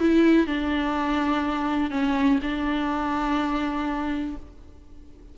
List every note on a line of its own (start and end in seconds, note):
0.00 0.46 E4
0.46 1.90 D4
1.90 2.39 C#4
2.43 4.36 D4